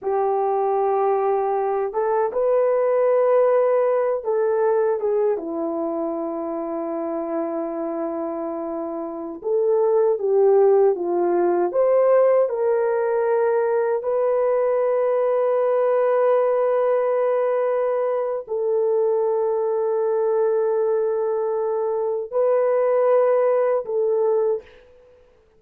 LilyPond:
\new Staff \with { instrumentName = "horn" } { \time 4/4 \tempo 4 = 78 g'2~ g'8 a'8 b'4~ | b'4. a'4 gis'8 e'4~ | e'1~ | e'16 a'4 g'4 f'4 c''8.~ |
c''16 ais'2 b'4.~ b'16~ | b'1 | a'1~ | a'4 b'2 a'4 | }